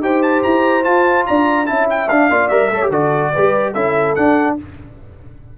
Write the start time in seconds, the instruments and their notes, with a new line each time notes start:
0.00 tuba D#4, trombone G4, horn C5, trumpet G5
0.22 trumpet A5
0.43 tuba E4, trumpet A#5
0.83 trombone F4, tuba F4, trumpet A5
1.26 tuba D4, horn D5, trumpet A#5
1.65 tuba C#4, trombone E4, horn E5, trumpet A5
1.90 trumpet G5
2.09 tuba D4, trombone D4, trumpet F5
2.30 tuba A#3, trombone F4, horn D5
2.48 tuba G3, trombone A#4, trumpet E5
2.70 tuba A3, trombone A4, horn C#5
2.82 trombone G4
2.89 tuba D3, trombone F#4, horn A4, trumpet D5
3.33 tuba G3, trombone G4, horn B4
3.73 tuba C#4, trombone E4, horn A4, trumpet E5
4.15 trombone D4, tuba D4, trumpet F#5